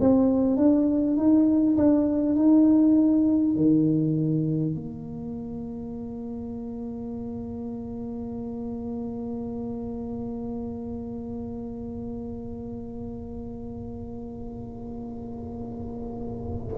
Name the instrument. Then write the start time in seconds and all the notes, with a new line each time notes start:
tuba
0.00 C4
0.57 D4
1.17 D#4
1.77 D4
2.36 D#4
3.56 D#3
4.75 A#3